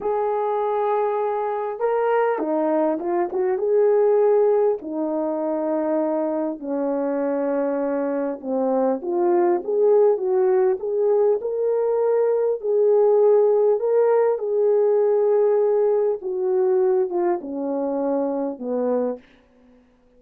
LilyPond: \new Staff \with { instrumentName = "horn" } { \time 4/4 \tempo 4 = 100 gis'2. ais'4 | dis'4 f'8 fis'8 gis'2 | dis'2. cis'4~ | cis'2 c'4 f'4 |
gis'4 fis'4 gis'4 ais'4~ | ais'4 gis'2 ais'4 | gis'2. fis'4~ | fis'8 f'8 cis'2 b4 | }